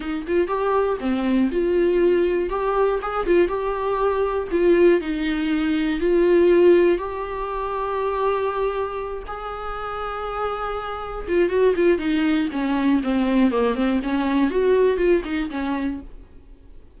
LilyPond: \new Staff \with { instrumentName = "viola" } { \time 4/4 \tempo 4 = 120 dis'8 f'8 g'4 c'4 f'4~ | f'4 g'4 gis'8 f'8 g'4~ | g'4 f'4 dis'2 | f'2 g'2~ |
g'2~ g'8 gis'4.~ | gis'2~ gis'8 f'8 fis'8 f'8 | dis'4 cis'4 c'4 ais8 c'8 | cis'4 fis'4 f'8 dis'8 cis'4 | }